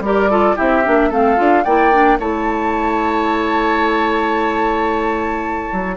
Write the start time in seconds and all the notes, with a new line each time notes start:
0.00 G3 G4 A#4 D5
0.30 F4 A4
0.56 C4 E4 G4 E5
0.85 A#3 D4
1.09 A3 C4 A4 F5
1.37 D4 F4
1.64 A#3 E4 D5 G5
1.92 D4
2.18 A3 E4 C#5 A5
5.72 F#3